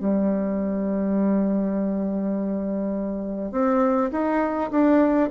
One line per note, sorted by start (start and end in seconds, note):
0.00 3.52 G3
3.52 4.11 C4
4.12 4.71 D#4
4.71 5.30 D4